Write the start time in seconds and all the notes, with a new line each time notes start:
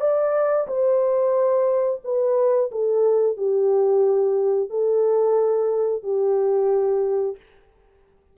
0.00 D5
0.67 C5
2.04 B4
2.71 A4
3.37 G4
4.70 A4
6.03 G4